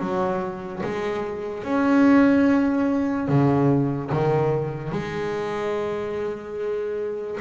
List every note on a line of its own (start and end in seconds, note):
0.00 0.82 F#3
0.83 1.64 G#3
1.64 3.29 C#4
3.29 4.11 C#3
4.12 4.92 D#3
4.92 7.39 G#3